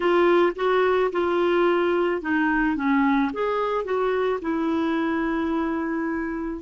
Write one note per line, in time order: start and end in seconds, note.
0.00 0.53 F4
0.55 1.10 F#4
1.12 2.21 F4
2.21 2.76 D#4
2.76 3.31 C#4
3.33 3.84 G#4
3.84 4.39 F#4
4.41 6.62 E4